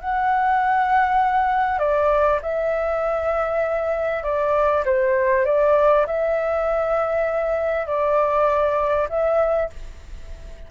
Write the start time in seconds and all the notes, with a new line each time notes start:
0.00 F#5
1.79 D5
2.42 E5
4.23 D5
4.85 C5
5.45 D5
6.06 E5
7.87 D5
9.09 E5